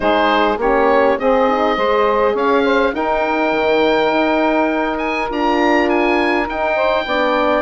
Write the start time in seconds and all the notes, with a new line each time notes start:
0.00 G#3 D#4 G#4 C5
0.57 A#3 C#4 G4 C#5
1.19 C4 G#4 D#5
1.48 D#4
1.76 G#3 G#4 C5
2.33 C#4 C#5 F5
2.64 C5
2.93 D#4 A#4 G5
3.52 D#3
4.12 D#4
4.98 G#5
5.29 D4 F4 A#5
5.89 G#5
6.46 D#4 G5
6.75 C5
7.05 B3 D4 D5